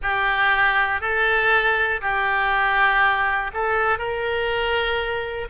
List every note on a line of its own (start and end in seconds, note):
0.02 1.00 G4
1.00 2.00 A4
2.00 3.50 G4
3.53 3.98 A4
3.98 5.48 A#4